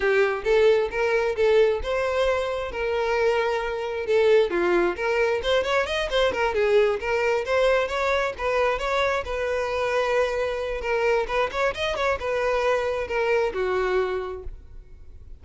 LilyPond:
\new Staff \with { instrumentName = "violin" } { \time 4/4 \tempo 4 = 133 g'4 a'4 ais'4 a'4 | c''2 ais'2~ | ais'4 a'4 f'4 ais'4 | c''8 cis''8 dis''8 c''8 ais'8 gis'4 ais'8~ |
ais'8 c''4 cis''4 b'4 cis''8~ | cis''8 b'2.~ b'8 | ais'4 b'8 cis''8 dis''8 cis''8 b'4~ | b'4 ais'4 fis'2 | }